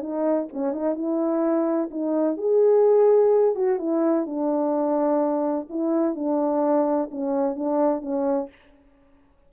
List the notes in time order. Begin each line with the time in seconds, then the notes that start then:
0.00 D#4
0.52 C#4
0.72 D#4
0.95 E4
1.91 D#4
2.37 G#4
3.55 F#4
3.78 E4
4.26 D4
5.69 E4
6.15 D4
7.11 C#4
7.55 D4
8.01 C#4